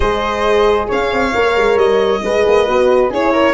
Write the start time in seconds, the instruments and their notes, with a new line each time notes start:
0.00 tuba G#3, horn G#4, flute C5, violin D#5
0.87 tuba C#4, flute C#5, violin F5
1.11 tuba C4
1.33 tuba A#3, horn A#4
1.56 tuba G#3
1.76 tuba G3, violin D#5
2.23 tuba G#3, horn G#4, flute B4
2.46 tuba A#3
2.66 tuba B3, horn F#4
3.10 tuba C#4, horn E4, flute G#4, violin C#5
3.32 flute A#4